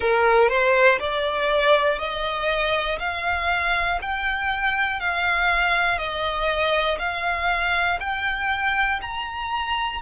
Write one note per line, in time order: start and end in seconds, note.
0.00 0.49 A#4
0.49 0.99 C5
1.00 1.99 D5
1.99 2.99 D#5
2.99 3.99 F5
4.01 5.00 G5
5.00 5.98 F5
5.98 6.98 D#5
6.98 7.98 F5
8.00 9.00 G5
9.01 10.01 A#5